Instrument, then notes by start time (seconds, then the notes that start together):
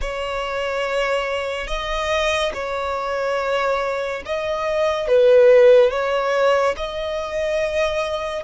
violin
0.01 C#5
1.67 D#5
2.54 C#5
4.25 D#5
5.07 B4
5.90 C#5
6.76 D#5